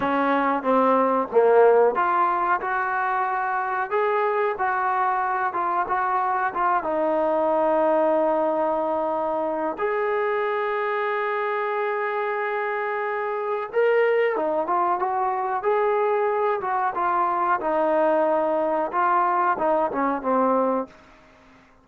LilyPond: \new Staff \with { instrumentName = "trombone" } { \time 4/4 \tempo 4 = 92 cis'4 c'4 ais4 f'4 | fis'2 gis'4 fis'4~ | fis'8 f'8 fis'4 f'8 dis'4.~ | dis'2. gis'4~ |
gis'1~ | gis'4 ais'4 dis'8 f'8 fis'4 | gis'4. fis'8 f'4 dis'4~ | dis'4 f'4 dis'8 cis'8 c'4 | }